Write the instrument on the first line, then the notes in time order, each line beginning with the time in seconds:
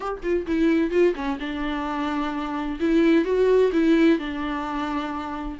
viola
0.00 G4
0.22 F4
0.46 E4
0.90 F4
1.15 C#4
1.39 D4
2.80 E4
3.24 F#4
3.72 E4
4.18 D4